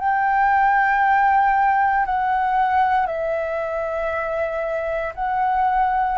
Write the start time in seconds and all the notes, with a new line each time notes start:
0.00 G5
2.06 F#5
3.07 E5
5.15 F#5